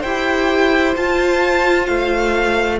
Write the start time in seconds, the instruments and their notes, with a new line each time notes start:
0.00 cello E4, viola G4, violin C5 G5
0.96 viola F4, cello F4, violin A5
1.86 cello A3, violin F5